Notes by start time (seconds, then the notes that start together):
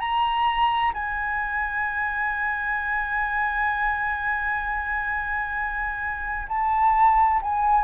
0.00 A#5
0.94 G#5
6.49 A5
7.42 G#5